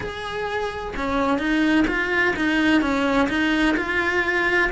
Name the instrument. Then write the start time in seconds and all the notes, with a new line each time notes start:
cello
0.00 G#4
0.96 C#4
1.38 D#4
1.87 F4
2.36 D#4
2.81 C#4
3.29 D#4
3.76 F4